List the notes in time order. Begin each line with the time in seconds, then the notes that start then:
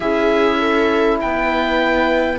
0.00 C#4 E4 G#4 E5
0.59 A4
1.20 B3 B4 G5